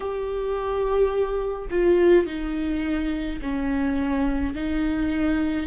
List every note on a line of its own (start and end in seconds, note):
0.00 1.68 G4
1.70 2.26 F4
2.26 3.40 D#4
3.41 4.54 C#4
4.54 5.66 D#4